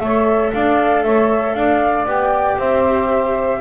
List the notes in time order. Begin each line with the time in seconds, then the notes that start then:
0.00 A3 A4 C#5 E5
0.53 D4 D5 F5
1.04 A3 C#5 E5
1.54 D4 D5 F5
2.06 B3 G4 G5
2.58 C4 C5 E5